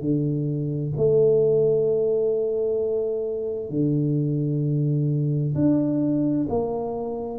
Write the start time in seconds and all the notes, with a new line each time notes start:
0.00 D3
0.97 A3
3.69 D3
5.55 D4
6.49 A#3